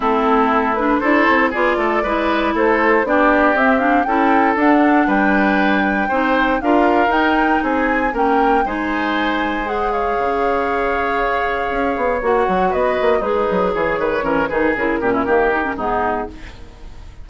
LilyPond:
<<
  \new Staff \with { instrumentName = "flute" } { \time 4/4 \tempo 4 = 118 a'4. b'8 c''4 d''4~ | d''4 c''4 d''4 e''8 f''8 | g''4 fis''4 g''2~ | g''4 f''4 g''4 gis''4 |
g''4 gis''2 fis''8 f''8~ | f''1 | fis''4 dis''4 b'4 cis''4~ | cis''8 b'8 ais'2 gis'4 | }
  \new Staff \with { instrumentName = "oboe" } { \time 4/4 e'2 a'4 gis'8 a'8 | b'4 a'4 g'2 | a'2 b'2 | c''4 ais'2 gis'4 |
ais'4 c''2~ c''8 cis''8~ | cis''1~ | cis''4 b'4 dis'4 gis'8 b'8 | ais'8 gis'4 g'16 e'16 g'4 dis'4 | }
  \new Staff \with { instrumentName = "clarinet" } { \time 4/4 c'4. d'8 e'4 f'4 | e'2 d'4 c'8 d'8 | e'4 d'2. | dis'4 f'4 dis'2 |
cis'4 dis'2 gis'4~ | gis'1 | fis'2 gis'2 | cis'8 dis'8 e'8 cis'8 ais8 dis'16 cis'16 b4 | }
  \new Staff \with { instrumentName = "bassoon" } { \time 4/4 a2 d'8 c'8 b8 a8 | gis4 a4 b4 c'4 | cis'4 d'4 g2 | c'4 d'4 dis'4 c'4 |
ais4 gis2. | cis2. cis'8 b8 | ais8 fis8 b8 ais8 gis8 fis8 e8 dis8 | e8 dis8 cis8 ais,8 dis4 gis,4 | }
>>